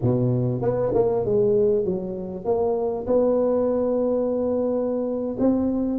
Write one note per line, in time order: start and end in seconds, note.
0.01 0.61 B2
0.61 0.92 B3
0.94 1.25 A#3
1.25 1.84 G#3
1.84 2.44 F#3
2.44 3.06 A#3
3.06 5.36 B3
5.39 5.98 C4